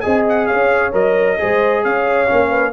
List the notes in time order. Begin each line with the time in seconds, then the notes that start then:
0.00 C4 G#4 D#5 G#5
0.28 F#5
0.46 C#5 F5
0.52 C#4
0.92 F#3 A#4 D#5
1.38 G#3 G#4 C5
1.84 C#4 C#5 F5
2.27 A#3 C#4
2.49 B4